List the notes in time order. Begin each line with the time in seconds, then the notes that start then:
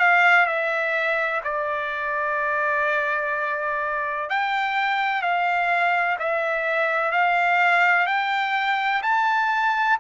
0.00 F5
0.47 E5
1.45 D5
4.30 G5
5.23 F5
6.19 E5
7.12 F5
8.06 G5
9.03 A5